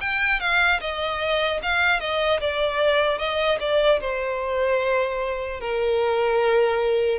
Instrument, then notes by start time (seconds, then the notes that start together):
violin
0.00 G5
0.40 F5
0.80 D#5
1.62 F5
2.00 D#5
2.40 D5
3.18 D#5
3.60 D5
4.00 C5
5.60 A#4